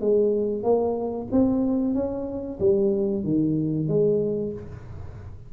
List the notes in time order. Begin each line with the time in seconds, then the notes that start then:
0.00 G#3
0.63 A#3
1.31 C4
1.94 C#4
2.59 G3
3.24 D#3
3.88 G#3